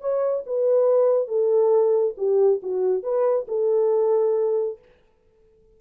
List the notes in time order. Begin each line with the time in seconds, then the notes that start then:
0.00 C#5
0.46 B4
1.27 A4
2.17 G4
2.62 F#4
3.02 B4
3.48 A4